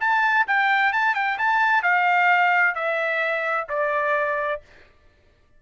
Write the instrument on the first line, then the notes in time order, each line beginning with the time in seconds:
trumpet
0.00 A5
0.47 G5
0.92 A5
1.14 G5
1.38 A5
1.82 F5
2.75 E5
3.69 D5